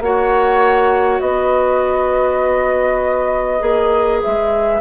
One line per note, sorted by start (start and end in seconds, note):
0.00 1.20 A#3
0.00 3.60 F#4
0.00 1.23 C#5
0.00 1.20 F#5
1.20 3.61 B3
1.20 4.80 B4
1.20 4.20 D#5
3.60 4.21 A#3
3.60 4.80 G#4
4.23 4.80 G#3
4.23 4.80 E5